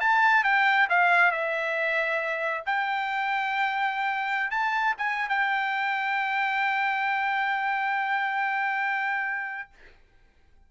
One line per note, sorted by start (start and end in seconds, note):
0.00 0.44 A5
0.44 0.88 G5
0.90 1.31 F5
1.31 2.64 E5
2.66 4.51 G5
4.51 4.95 A5
4.98 5.29 G#5
5.29 9.70 G5